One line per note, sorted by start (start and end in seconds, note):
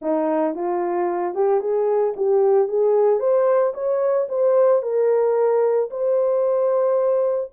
0.01 0.54 D#4
0.54 1.34 F4
1.34 1.60 G4
1.60 2.14 G#4
2.16 2.68 G4
2.68 3.19 G#4
3.19 3.73 C5
3.74 4.27 C#5
4.29 4.82 C5
4.82 5.89 A#4
5.90 7.51 C5